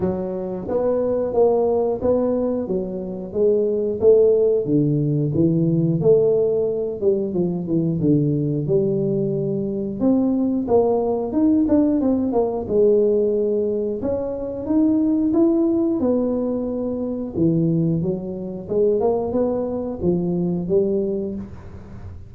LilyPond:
\new Staff \with { instrumentName = "tuba" } { \time 4/4 \tempo 4 = 90 fis4 b4 ais4 b4 | fis4 gis4 a4 d4 | e4 a4. g8 f8 e8 | d4 g2 c'4 |
ais4 dis'8 d'8 c'8 ais8 gis4~ | gis4 cis'4 dis'4 e'4 | b2 e4 fis4 | gis8 ais8 b4 f4 g4 | }